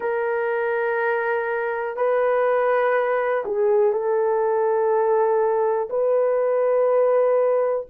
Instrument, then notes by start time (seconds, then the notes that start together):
horn
0.00 A#4
1.96 B4
3.45 G#4
3.92 A4
5.89 B4